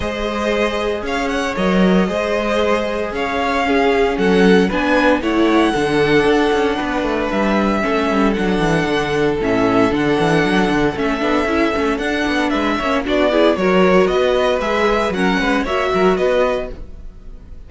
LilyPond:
<<
  \new Staff \with { instrumentName = "violin" } { \time 4/4 \tempo 4 = 115 dis''2 f''8 fis''8 dis''4~ | dis''2 f''2 | fis''4 gis''4 fis''2~ | fis''2 e''2 |
fis''2 e''4 fis''4~ | fis''4 e''2 fis''4 | e''4 d''4 cis''4 dis''4 | e''4 fis''4 e''4 dis''4 | }
  \new Staff \with { instrumentName = "violin" } { \time 4/4 c''2 cis''2 | c''2 cis''4 gis'4 | a'4 b'4 cis''4 a'4~ | a'4 b'2 a'4~ |
a'1~ | a'1 | b'8 cis''8 fis'8 gis'8 ais'4 b'4~ | b'4 ais'8 b'8 cis''8 ais'8 b'4 | }
  \new Staff \with { instrumentName = "viola" } { \time 4/4 gis'2. ais'4 | gis'2. cis'4~ | cis'4 d'4 e'4 d'4~ | d'2. cis'4 |
d'2 cis'4 d'4~ | d'4 cis'8 d'8 e'8 cis'8 d'4~ | d'8 cis'8 d'8 e'8 fis'2 | gis'4 cis'4 fis'2 | }
  \new Staff \with { instrumentName = "cello" } { \time 4/4 gis2 cis'4 fis4 | gis2 cis'2 | fis4 b4 a4 d4 | d'8 cis'8 b8 a8 g4 a8 g8 |
fis8 e8 d4 a,4 d8 e8 | fis8 d8 a8 b8 cis'8 a8 d'8 b8 | gis8 ais8 b4 fis4 b4 | gis4 fis8 gis8 ais8 fis8 b4 | }
>>